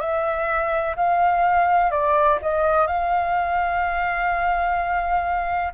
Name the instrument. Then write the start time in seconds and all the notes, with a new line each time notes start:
flute
0.00 E5
0.96 F5
1.90 D5
2.42 D#5
2.87 F5